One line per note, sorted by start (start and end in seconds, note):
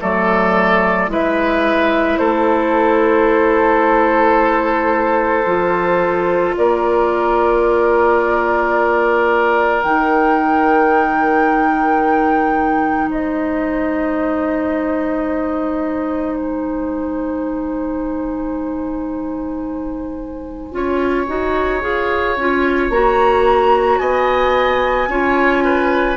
0.00 1.08 F#3
0.00 1.08 A3
0.00 1.10 A4
0.00 1.11 D5
1.08 2.17 G#3
1.08 5.44 E4
1.08 2.19 B4
1.08 2.18 E5
2.18 5.46 A3
2.18 6.55 A4
2.18 6.54 C5
5.46 6.55 F3
5.46 9.82 F4
6.57 9.84 A#3
6.57 13.09 A#4
6.57 9.82 D5
9.82 13.10 D#3
9.82 20.72 D#4
9.82 13.10 G5
13.09 20.72 G#3
13.09 20.72 C5
13.09 16.36 D#5
16.36 22.91 G#5
20.72 21.27 C#4
20.72 21.26 F4
20.72 24.00 C#5
21.27 21.83 D#4
21.27 21.81 F#4
21.81 22.37 F4
21.81 22.35 G#4
22.37 22.90 C#4
22.37 22.92 F4
22.90 23.99 A#3
22.90 25.10 F#4
22.90 23.98 A#5
23.98 25.08 B3
23.98 25.09 D#5
23.98 26.17 G#5
25.08 26.17 C#4
25.08 26.17 F4
25.08 25.64 C#5
25.64 26.17 B4